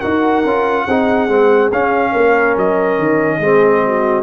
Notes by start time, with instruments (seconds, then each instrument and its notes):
0.00 tuba D#4, trombone F#4, horn A#4, trumpet F#5
0.44 tuba C#4, trombone F4
0.86 tuba C4, trombone D#4, horn G#4
1.28 tuba G#3, trombone C4
1.71 tuba C#4, trombone C#4, trumpet F5
2.11 tuba A#3, horn A#4
2.56 tuba F#3, trumpet D#5
2.99 tuba D#3
3.38 tuba G#3, trombone C4, horn G#4
3.85 horn F#4